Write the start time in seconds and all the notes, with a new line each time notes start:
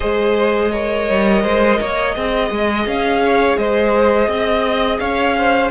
0.00 G#3 G#4 C5 D#5
0.71 A#4 C#5
1.09 G3
1.42 G#3 C5
1.80 A#3 C#5
2.14 C4 G#4 D#5
2.51 G#3
2.86 C#4 F5
3.24 C#5
3.57 G#3 C5 D#5
4.27 C4 D#5
4.99 C#4 C#5 F5
5.37 C5